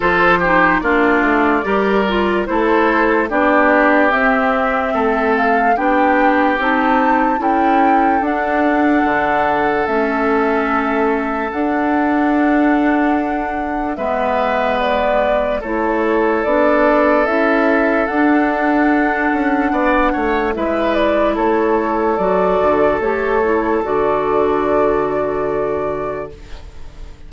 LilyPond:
<<
  \new Staff \with { instrumentName = "flute" } { \time 4/4 \tempo 4 = 73 c''4 d''2 c''4 | d''4 e''4. f''8 g''4 | a''4 g''4 fis''2 | e''2 fis''2~ |
fis''4 e''4 d''4 cis''4 | d''4 e''4 fis''2~ | fis''4 e''8 d''8 cis''4 d''4 | cis''4 d''2. | }
  \new Staff \with { instrumentName = "oboe" } { \time 4/4 a'8 g'8 f'4 ais'4 a'4 | g'2 a'4 g'4~ | g'4 a'2.~ | a'1~ |
a'4 b'2 a'4~ | a'1 | d''8 cis''8 b'4 a'2~ | a'1 | }
  \new Staff \with { instrumentName = "clarinet" } { \time 4/4 f'8 dis'8 d'4 g'8 f'8 e'4 | d'4 c'2 d'4 | dis'4 e'4 d'2 | cis'2 d'2~ |
d'4 b2 e'4 | d'4 e'4 d'2~ | d'4 e'2 fis'4 | g'8 e'8 fis'2. | }
  \new Staff \with { instrumentName = "bassoon" } { \time 4/4 f4 ais8 a8 g4 a4 | b4 c'4 a4 b4 | c'4 cis'4 d'4 d4 | a2 d'2~ |
d'4 gis2 a4 | b4 cis'4 d'4. cis'8 | b8 a8 gis4 a4 fis8 d8 | a4 d2. | }
>>